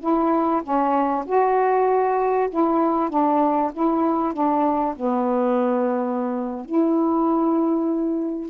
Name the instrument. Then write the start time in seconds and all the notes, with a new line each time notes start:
saxophone
0.00 E4
0.63 C#4
1.26 F#4
2.50 E4
3.10 D4
3.73 E4
4.33 D4
4.96 B3
6.65 E4